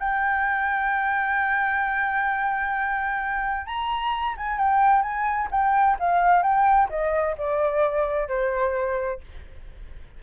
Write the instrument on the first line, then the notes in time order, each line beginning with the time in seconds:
flute
0.00 G5
3.67 A#5
4.37 G#5
4.58 G5
5.03 G#5
5.52 G5
6.00 F5
6.43 G5
6.90 D#5
7.38 D5
8.29 C5